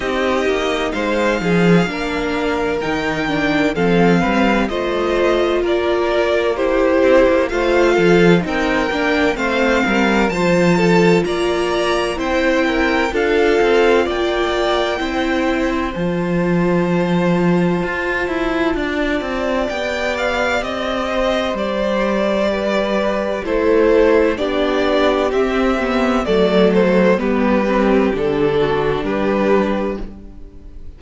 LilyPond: <<
  \new Staff \with { instrumentName = "violin" } { \time 4/4 \tempo 4 = 64 dis''4 f''2 g''4 | f''4 dis''4 d''4 c''4 | f''4 g''4 f''4 a''4 | ais''4 g''4 f''4 g''4~ |
g''4 a''2.~ | a''4 g''8 f''8 dis''4 d''4~ | d''4 c''4 d''4 e''4 | d''8 c''8 b'4 a'4 b'4 | }
  \new Staff \with { instrumentName = "violin" } { \time 4/4 g'4 c''8 gis'8 ais'2 | a'8 b'8 c''4 ais'4 g'4 | c''8 a'8 ais'4 c''8 ais'8 c''8 a'8 | d''4 c''8 ais'8 a'4 d''4 |
c''1 | d''2~ d''8 c''4. | b'4 a'4 g'2 | a'4 g'4. fis'8 g'4 | }
  \new Staff \with { instrumentName = "viola" } { \time 4/4 dis'2 d'4 dis'8 d'8 | c'4 f'2 e'4 | f'4 dis'8 d'8 c'4 f'4~ | f'4 e'4 f'2 |
e'4 f'2.~ | f'4 g'2.~ | g'4 e'4 d'4 c'8 b8 | a4 b8 c'8 d'2 | }
  \new Staff \with { instrumentName = "cello" } { \time 4/4 c'8 ais8 gis8 f8 ais4 dis4 | f8 g8 a4 ais4. c'16 ais16 | a8 f8 c'8 ais8 a8 g8 f4 | ais4 c'4 d'8 c'8 ais4 |
c'4 f2 f'8 e'8 | d'8 c'8 b4 c'4 g4~ | g4 a4 b4 c'4 | fis4 g4 d4 g4 | }
>>